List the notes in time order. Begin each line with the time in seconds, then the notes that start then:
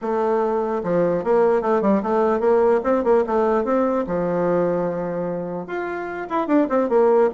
0.01 A3
0.83 F3
1.24 A#3
1.61 A3
1.81 G3
2.03 A3
2.40 A#3
2.83 C4
3.04 A#3
3.26 A3
3.64 C4
4.06 F3
5.66 F4
6.29 E4
6.47 D4
6.69 C4
6.89 A#3